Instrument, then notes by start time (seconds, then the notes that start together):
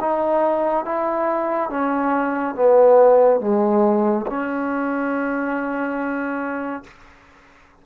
trombone
0.00 D#4
0.85 E4
1.69 C#4
2.55 B3
3.40 G#3
4.27 C#4